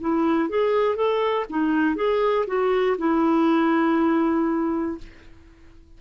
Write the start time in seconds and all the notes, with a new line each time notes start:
0.00 E4
0.49 G#4
0.95 A4
1.50 D#4
1.95 G#4
2.46 F#4
2.98 E4